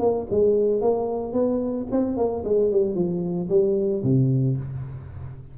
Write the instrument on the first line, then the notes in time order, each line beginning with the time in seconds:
tuba
0.00 A#3
0.31 G#3
0.82 A#3
1.33 B3
1.92 C4
2.17 A#3
2.45 G#3
2.72 G3
2.95 F3
3.50 G3
4.03 C3